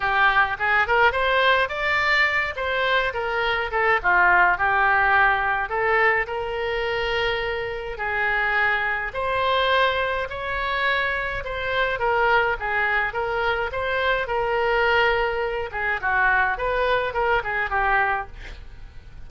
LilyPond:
\new Staff \with { instrumentName = "oboe" } { \time 4/4 \tempo 4 = 105 g'4 gis'8 ais'8 c''4 d''4~ | d''8 c''4 ais'4 a'8 f'4 | g'2 a'4 ais'4~ | ais'2 gis'2 |
c''2 cis''2 | c''4 ais'4 gis'4 ais'4 | c''4 ais'2~ ais'8 gis'8 | fis'4 b'4 ais'8 gis'8 g'4 | }